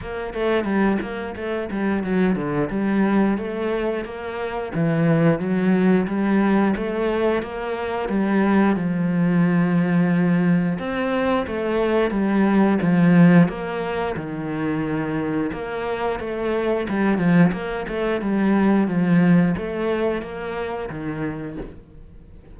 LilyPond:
\new Staff \with { instrumentName = "cello" } { \time 4/4 \tempo 4 = 89 ais8 a8 g8 ais8 a8 g8 fis8 d8 | g4 a4 ais4 e4 | fis4 g4 a4 ais4 | g4 f2. |
c'4 a4 g4 f4 | ais4 dis2 ais4 | a4 g8 f8 ais8 a8 g4 | f4 a4 ais4 dis4 | }